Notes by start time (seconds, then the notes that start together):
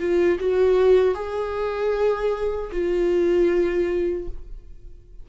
0.00 F4
0.40 F#4
1.15 G#4
2.72 F4